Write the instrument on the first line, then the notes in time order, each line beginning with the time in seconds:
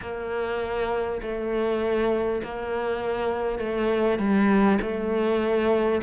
cello
0.01 A#3
1.22 A3
2.43 A#3
3.58 A3
4.18 G3
4.81 A3